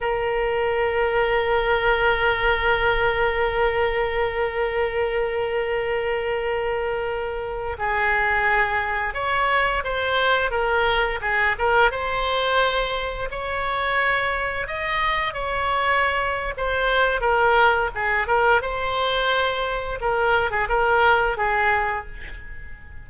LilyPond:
\new Staff \with { instrumentName = "oboe" } { \time 4/4 \tempo 4 = 87 ais'1~ | ais'1~ | ais'2.~ ais'16 gis'8.~ | gis'4~ gis'16 cis''4 c''4 ais'8.~ |
ais'16 gis'8 ais'8 c''2 cis''8.~ | cis''4~ cis''16 dis''4 cis''4.~ cis''16 | c''4 ais'4 gis'8 ais'8 c''4~ | c''4 ais'8. gis'16 ais'4 gis'4 | }